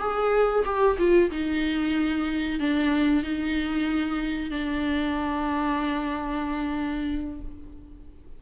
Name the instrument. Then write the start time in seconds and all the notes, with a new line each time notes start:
viola
0.00 G#4
0.66 G4
0.99 F4
1.31 D#4
2.60 D4
3.24 D#4
4.51 D4